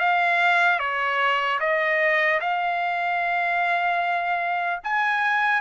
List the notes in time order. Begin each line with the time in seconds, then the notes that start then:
0.00 F5
0.79 C#5
1.60 D#5
2.41 F5
4.84 G#5